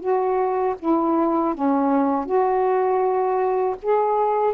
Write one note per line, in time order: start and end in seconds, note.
0.00 0.75 F#4
0.79 1.54 E4
1.54 2.26 C#4
2.26 3.76 F#4
3.82 4.53 G#4